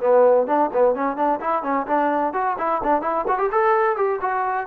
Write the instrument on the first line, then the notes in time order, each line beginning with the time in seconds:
trombone
0.00 B3
0.47 D4
0.73 B3
0.95 C#4
1.16 D4
1.40 E4
1.63 C#4
1.87 D4
2.33 F#4
2.58 E4
2.83 D4
3.02 E4
3.28 F#4
3.38 G4
3.52 A4
3.96 G4
4.21 F#4